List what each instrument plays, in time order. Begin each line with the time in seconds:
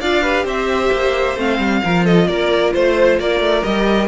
0.00 cello D4, viola F4, violin D5 F5
0.22 viola G4, violin B4
0.44 cello C4, violin C5 E5
0.92 cello A#3
1.37 cello A3, viola C4, violin F5
1.59 cello G3
1.84 cello F3, viola F4, violin A#4
2.05 violin A4 D#5
2.27 cello A#3, violin A#4 D5
2.73 cello A3, violin C5
3.19 cello A#3, violin A#4 D5
3.40 cello A3
3.64 cello G3, viola G4, violin D#5